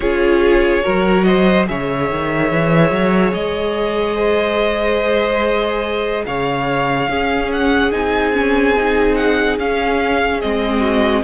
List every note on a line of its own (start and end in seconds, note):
0.00 0.82 C#4
0.00 0.82 F4
0.00 0.83 G#4
0.00 1.23 C#5
0.82 1.69 F#3
0.82 1.65 F#4
0.82 1.25 A#4
1.23 1.68 C5
1.23 1.65 D#5
1.66 2.10 C#3
1.66 7.08 G#4
1.66 4.15 C#5
1.66 3.33 E5
2.10 2.51 D#3
2.51 2.90 E3
2.90 3.32 F#3
3.33 6.25 G#3
3.33 6.25 D#5
4.15 6.23 C5
6.26 7.08 C#3
6.26 7.10 C#5
6.26 7.51 F5
7.08 7.91 C#4
7.08 10.80 G#4
7.52 7.91 F#5
7.91 9.58 C4
7.91 8.33 D#4
7.91 9.15 G#5
8.33 8.75 C#4
8.76 9.59 D#4
9.15 9.56 F#5
9.58 10.41 C#4
9.58 10.40 F5
10.40 11.23 G#3
10.40 11.23 C4
10.40 11.23 D#5
10.80 11.21 F#4